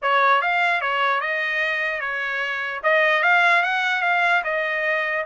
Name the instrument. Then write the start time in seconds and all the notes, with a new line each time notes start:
trumpet
0.01 C#5
0.41 F5
0.81 C#5
1.20 D#5
2.00 C#5
2.83 D#5
3.22 F5
3.62 F#5
4.02 F5
4.44 D#5